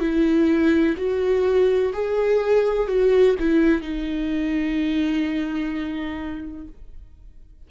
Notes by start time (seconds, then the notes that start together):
0.00 E4
0.97 F#4
1.94 G#4
2.88 F#4
3.39 E4
3.82 D#4